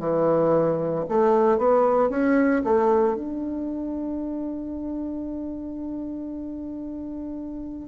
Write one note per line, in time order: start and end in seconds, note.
0.00 1.05 E3
1.09 1.58 A3
1.58 2.10 B3
2.10 2.63 C#4
2.64 3.15 A3
3.15 7.89 D4